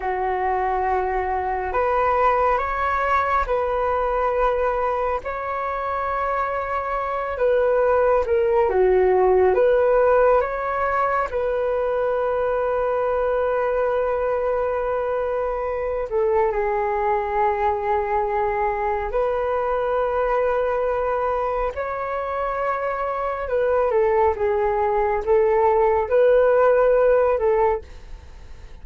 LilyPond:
\new Staff \with { instrumentName = "flute" } { \time 4/4 \tempo 4 = 69 fis'2 b'4 cis''4 | b'2 cis''2~ | cis''8 b'4 ais'8 fis'4 b'4 | cis''4 b'2.~ |
b'2~ b'8 a'8 gis'4~ | gis'2 b'2~ | b'4 cis''2 b'8 a'8 | gis'4 a'4 b'4. a'8 | }